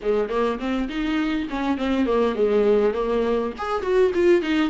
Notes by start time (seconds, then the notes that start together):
0.02 G#3
0.29 A#3
0.59 C4
0.89 D#4
1.49 C#4
1.77 C4
2.06 A#3
2.35 G#3
2.93 A#3
3.57 G#4
3.82 F#4
4.14 F4
4.42 D#4